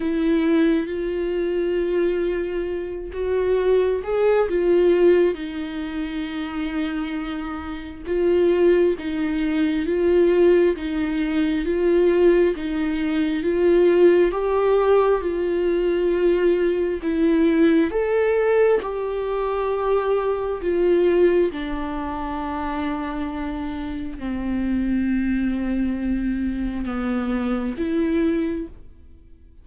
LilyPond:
\new Staff \with { instrumentName = "viola" } { \time 4/4 \tempo 4 = 67 e'4 f'2~ f'8 fis'8~ | fis'8 gis'8 f'4 dis'2~ | dis'4 f'4 dis'4 f'4 | dis'4 f'4 dis'4 f'4 |
g'4 f'2 e'4 | a'4 g'2 f'4 | d'2. c'4~ | c'2 b4 e'4 | }